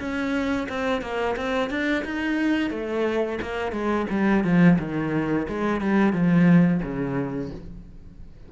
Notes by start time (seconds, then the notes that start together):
0.00 C#4
0.69 C4
1.02 A#3
1.37 C4
1.70 D4
2.05 D#4
2.71 A3
3.42 A#3
3.72 G#3
4.11 G3
4.44 F3
4.79 D#3
5.48 G#3
5.81 G3
6.13 F3
6.83 C#3